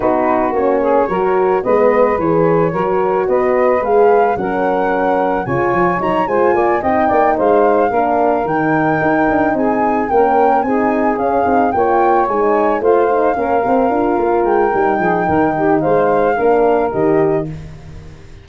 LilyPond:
<<
  \new Staff \with { instrumentName = "flute" } { \time 4/4 \tempo 4 = 110 b'4 cis''2 dis''4 | cis''2 dis''4 f''4 | fis''2 gis''4 ais''8 gis''8~ | gis''8 g''4 f''2 g''8~ |
g''4. gis''4 g''4 gis''8~ | gis''8 f''4 g''4 gis''4 f''8~ | f''2~ f''8 g''4.~ | g''4 f''2 dis''4 | }
  \new Staff \with { instrumentName = "saxophone" } { \time 4/4 fis'4. gis'8 ais'4 b'4~ | b'4 ais'4 b'2 | ais'2 cis''4. c''8 | d''8 dis''8 d''8 c''4 ais'4.~ |
ais'4. gis'4 ais'4 gis'8~ | gis'4. cis''2 c''8~ | c''8 ais'2. gis'8 | ais'8 g'8 c''4 ais'2 | }
  \new Staff \with { instrumentName = "horn" } { \time 4/4 dis'4 cis'4 fis'4 b4 | gis'4 fis'2 gis'4 | cis'2 f'4 dis'8 f'8~ | f'8 dis'2 d'4 dis'8~ |
dis'2~ dis'8 cis'4 dis'8~ | dis'8 cis'8 dis'8 f'4 dis'4 f'8 | dis'8 cis'8 c'8 f'4. dis'4~ | dis'2 d'4 g'4 | }
  \new Staff \with { instrumentName = "tuba" } { \time 4/4 b4 ais4 fis4 gis4 | e4 fis4 b4 gis4 | fis2 cis8 f8 fis8 gis8 | ais8 c'8 ais8 gis4 ais4 dis8~ |
dis8 dis'8 d'8 c'4 ais4 c'8~ | c'8 cis'8 c'8 ais4 gis4 a8~ | a8 ais8 c'8 d'8 ais8 gis8 g8 f8 | dis4 gis4 ais4 dis4 | }
>>